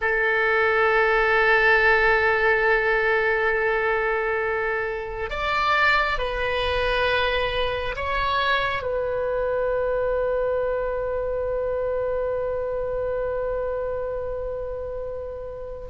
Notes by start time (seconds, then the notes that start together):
0.01 A4
5.29 D5
6.18 B4
7.95 C#5
8.82 B4